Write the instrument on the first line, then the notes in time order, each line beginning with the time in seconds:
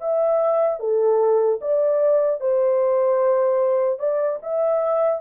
horn
0.00 E5
0.79 A4
1.61 D5
2.40 C5
3.99 D5
4.42 E5